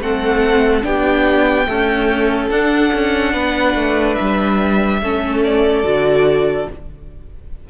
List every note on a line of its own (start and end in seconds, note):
0.00 0.83 A3
0.00 0.82 C4
0.00 0.86 A4
0.00 0.84 F#5
0.82 1.67 B3
0.82 1.65 D4
0.82 1.68 G4
0.82 2.50 G5
1.66 2.50 A3
1.66 2.50 C#4
1.66 3.33 A4
2.50 2.91 D4
2.50 5.02 D4
2.50 4.15 F#5
2.93 3.34 C#4
3.33 3.74 B3
3.33 5.00 B4
3.74 4.16 A3
4.15 5.02 G3
4.15 5.40 E5
5.02 5.83 A3
5.02 5.84 C#4
5.02 6.69 A4
5.44 6.69 D5
5.83 6.66 D3
5.83 6.67 F#4